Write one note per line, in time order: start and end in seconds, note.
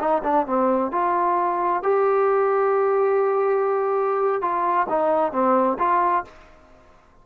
0.00 0.23 D#4
0.24 0.46 D4
0.46 0.92 C4
0.92 1.83 F4
1.83 4.42 G4
4.42 4.87 F4
4.89 5.32 D#4
5.32 5.78 C4
5.79 6.24 F4